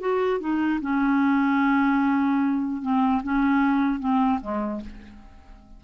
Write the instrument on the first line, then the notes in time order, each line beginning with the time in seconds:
clarinet
0.00 F#4
0.40 D#4
0.81 C#4
2.82 C4
3.23 C#4
4.00 C4
4.41 G#3